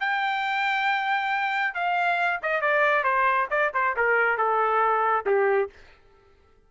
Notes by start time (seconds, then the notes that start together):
0.00 G5
1.74 F5
2.42 D#5
2.61 D5
3.04 C5
3.50 D5
3.74 C5
3.96 A#4
4.37 A4
5.26 G4